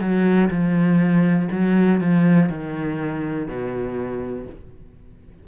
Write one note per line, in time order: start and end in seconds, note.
0.00 0.49 F#3
0.50 1.48 F3
1.51 2.00 F#3
2.01 2.49 F3
2.49 3.47 D#3
3.47 4.46 B2